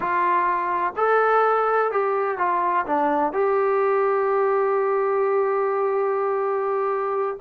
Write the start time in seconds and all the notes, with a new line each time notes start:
0.00 F4
0.96 A4
1.91 G4
2.38 F4
2.85 D4
3.32 G4